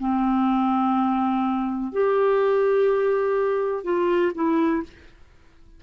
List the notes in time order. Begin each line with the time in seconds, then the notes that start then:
0.00 C4
1.92 G4
3.84 F4
4.35 E4